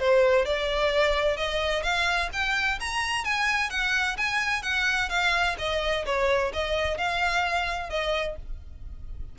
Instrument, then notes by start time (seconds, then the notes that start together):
violin
0.00 C5
0.45 D5
1.37 D#5
1.83 F5
2.33 G5
2.80 A#5
3.25 G#5
3.70 F#5
4.18 G#5
4.63 F#5
5.10 F5
5.59 D#5
6.06 C#5
6.53 D#5
6.98 F5
7.90 D#5